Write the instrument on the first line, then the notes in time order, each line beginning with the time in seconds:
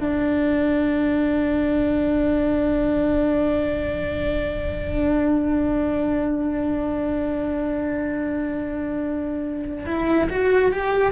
cello
0.00 D4
9.86 E4
10.29 F#4
10.71 G4